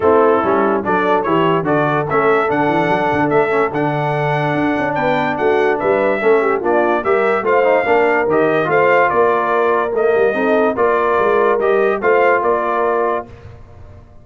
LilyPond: <<
  \new Staff \with { instrumentName = "trumpet" } { \time 4/4 \tempo 4 = 145 a'2 d''4 cis''4 | d''4 e''4 fis''2 | e''4 fis''2. | g''4 fis''4 e''2 |
d''4 e''4 f''2 | dis''4 f''4 d''2 | dis''2 d''2 | dis''4 f''4 d''2 | }
  \new Staff \with { instrumentName = "horn" } { \time 4/4 e'2 a'4 g'4 | a'1~ | a'1 | b'4 fis'4 b'4 a'8 g'8 |
f'4 ais'4 c''4 ais'4~ | ais'4 c''4 ais'2~ | ais'4 a'4 ais'2~ | ais'4 c''4 ais'2 | }
  \new Staff \with { instrumentName = "trombone" } { \time 4/4 c'4 cis'4 d'4 e'4 | fis'4 cis'4 d'2~ | d'8 cis'8 d'2.~ | d'2. cis'4 |
d'4 g'4 f'8 dis'8 d'4 | g'4 f'2. | ais4 dis'4 f'2 | g'4 f'2. | }
  \new Staff \with { instrumentName = "tuba" } { \time 4/4 a4 g4 fis4 e4 | d4 a4 d8 e8 fis8 d8 | a4 d2 d'8 cis'8 | b4 a4 g4 a4 |
ais4 g4 a4 ais4 | dis4 a4 ais2 | a8 g8 c'4 ais4 gis4 | g4 a4 ais2 | }
>>